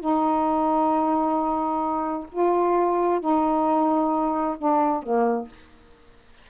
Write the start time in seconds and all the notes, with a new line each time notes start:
0.00 D#4
2.32 F4
3.21 D#4
4.58 D4
5.03 A#3